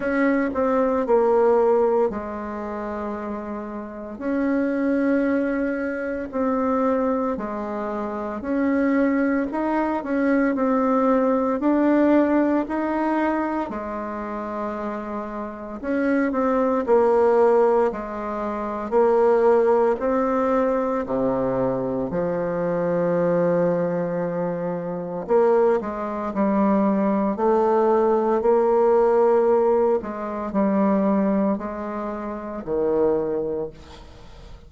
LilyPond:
\new Staff \with { instrumentName = "bassoon" } { \time 4/4 \tempo 4 = 57 cis'8 c'8 ais4 gis2 | cis'2 c'4 gis4 | cis'4 dis'8 cis'8 c'4 d'4 | dis'4 gis2 cis'8 c'8 |
ais4 gis4 ais4 c'4 | c4 f2. | ais8 gis8 g4 a4 ais4~ | ais8 gis8 g4 gis4 dis4 | }